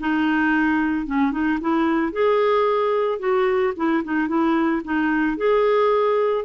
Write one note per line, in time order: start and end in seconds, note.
0.00 1.07 D#4
1.07 1.32 C#4
1.32 1.59 D#4
1.61 2.12 E4
2.12 3.19 G#4
3.19 3.73 F#4
3.76 4.03 E4
4.04 4.28 D#4
4.28 4.82 E4
4.85 5.37 D#4
5.37 6.45 G#4